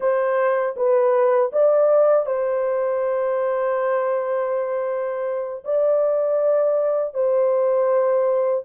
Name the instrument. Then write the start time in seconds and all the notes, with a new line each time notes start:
horn
0.00 C5
0.76 B4
1.52 D5
2.26 C5
5.64 D5
7.14 C5